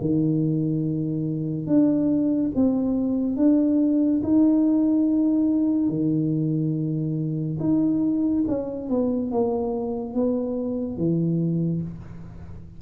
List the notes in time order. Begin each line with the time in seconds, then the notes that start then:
0.00 D#3
1.66 D4
2.55 C4
3.36 D4
4.23 D#4
5.88 D#3
7.59 D#4
8.47 C#4
8.89 B3
9.31 A#3
10.14 B3
10.97 E3